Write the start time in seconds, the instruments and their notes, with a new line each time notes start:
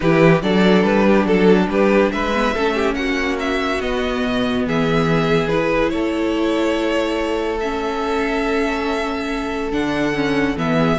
0.00 cello E3, viola E4, violin G4 B4
0.42 cello F#3, viola D4, violin A4 D5
0.83 cello G3, violin B4
1.06 violin G4
1.25 cello F#3, violin A4
1.67 cello G3, violin G4 B4
2.11 cello G#3, violin B4 E5
2.33 viola B3
2.54 cello A3, viola C#4, violin A4
2.74 violin G4
2.94 cello A#3, violin F#4 F#5
3.39 violin E5
3.80 cello B3, viola B3, violin D#5
4.24 cello B2
4.66 cello E3, violin G#4 E5
5.48 viola E4, violin B4
5.89 cello A3, violin A4 C#5
7.60 viola C#4, violin E5
9.71 cello D3, viola D4, violin F#5
10.14 viola C#4
10.55 cello E3, viola B3, violin E5
10.77 violin G#4